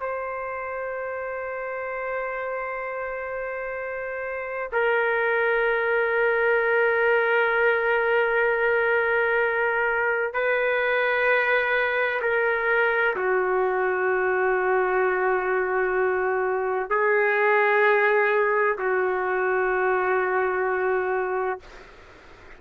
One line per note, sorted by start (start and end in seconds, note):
0.00 4.69 C5
4.72 10.33 A#4
10.33 12.20 B4
12.21 13.15 A#4
13.15 16.89 F#4
16.89 18.77 G#4
18.78 21.59 F#4